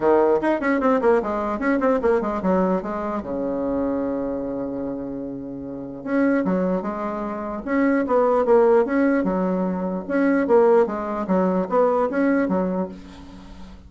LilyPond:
\new Staff \with { instrumentName = "bassoon" } { \time 4/4 \tempo 4 = 149 dis4 dis'8 cis'8 c'8 ais8 gis4 | cis'8 c'8 ais8 gis8 fis4 gis4 | cis1~ | cis2. cis'4 |
fis4 gis2 cis'4 | b4 ais4 cis'4 fis4~ | fis4 cis'4 ais4 gis4 | fis4 b4 cis'4 fis4 | }